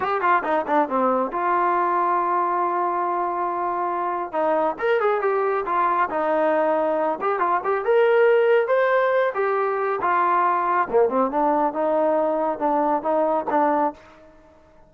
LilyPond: \new Staff \with { instrumentName = "trombone" } { \time 4/4 \tempo 4 = 138 g'8 f'8 dis'8 d'8 c'4 f'4~ | f'1~ | f'2 dis'4 ais'8 gis'8 | g'4 f'4 dis'2~ |
dis'8 g'8 f'8 g'8 ais'2 | c''4. g'4. f'4~ | f'4 ais8 c'8 d'4 dis'4~ | dis'4 d'4 dis'4 d'4 | }